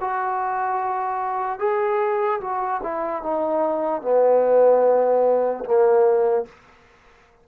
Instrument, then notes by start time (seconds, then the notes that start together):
trombone
0.00 F#4
1.59 G#4
2.41 F#4
2.83 E4
3.22 D#4
4.02 B3
5.65 A#3